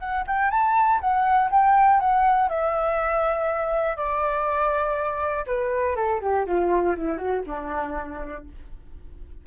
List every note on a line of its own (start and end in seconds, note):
0.00 0.25 F#5
0.27 0.51 G5
0.51 1.00 A5
1.01 1.50 F#5
1.51 2.00 G5
2.00 2.49 F#5
2.49 3.97 E5
3.97 5.45 D5
5.47 5.96 B4
5.96 6.21 A4
6.21 6.46 G4
6.46 6.96 F4
6.96 7.18 E4
7.18 7.42 F#4
7.46 8.45 D4